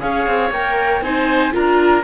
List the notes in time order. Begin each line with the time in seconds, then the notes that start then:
0.00 C#4 G#4 C#5 F5
0.27 C4
0.50 A#3 A#4 G5
1.01 C4 D#4 C5 G#5
1.52 D4 F4 A#4 A#5